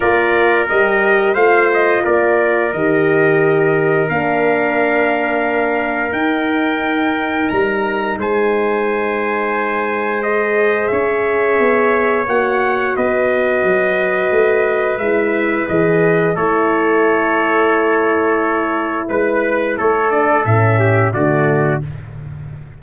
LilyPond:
<<
  \new Staff \with { instrumentName = "trumpet" } { \time 4/4 \tempo 4 = 88 d''4 dis''4 f''8 dis''8 d''4 | dis''2 f''2~ | f''4 g''2 ais''4 | gis''2. dis''4 |
e''2 fis''4 dis''4~ | dis''2 e''4 dis''4 | cis''1 | b'4 cis''8 d''8 e''4 d''4 | }
  \new Staff \with { instrumentName = "trumpet" } { \time 4/4 ais'2 c''4 ais'4~ | ais'1~ | ais'1 | c''1 |
cis''2. b'4~ | b'1 | a'1 | b'4 a'4. g'8 fis'4 | }
  \new Staff \with { instrumentName = "horn" } { \time 4/4 f'4 g'4 f'2 | g'2 d'2~ | d'4 dis'2.~ | dis'2. gis'4~ |
gis'2 fis'2~ | fis'2 e'4 gis'4 | e'1~ | e'4. d'8 cis'4 a4 | }
  \new Staff \with { instrumentName = "tuba" } { \time 4/4 ais4 g4 a4 ais4 | dis2 ais2~ | ais4 dis'2 g4 | gis1 |
cis'4 b4 ais4 b4 | fis4 a4 gis4 e4 | a1 | gis4 a4 a,4 d4 | }
>>